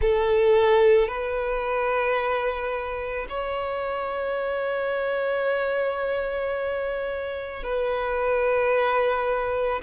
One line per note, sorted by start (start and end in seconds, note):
0.01 1.08 A4
1.08 3.26 B4
3.29 7.63 C#5
7.63 9.81 B4